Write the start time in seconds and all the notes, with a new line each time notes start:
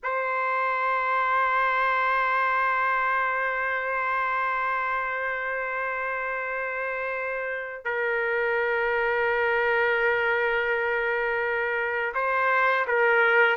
0.03 C5
7.84 A#4
12.14 C5
12.87 A#4